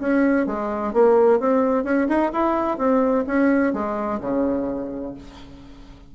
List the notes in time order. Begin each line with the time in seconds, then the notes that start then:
0.00 C#4
0.47 G#3
0.94 A#3
1.40 C4
1.85 C#4
2.09 D#4
2.33 E4
2.78 C4
3.27 C#4
3.74 G#3
4.21 C#3